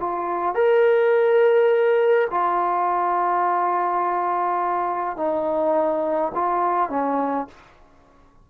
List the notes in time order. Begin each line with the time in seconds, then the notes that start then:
0.00 F4
0.55 A#4
2.31 F4
5.17 D#4
6.35 F4
6.90 C#4